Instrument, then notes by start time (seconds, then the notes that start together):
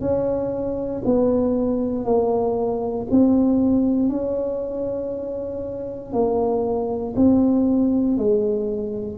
tuba
0.00 C#4
1.04 B3
2.04 A#3
3.10 C4
4.09 C#4
6.12 A#3
7.16 C4
8.17 G#3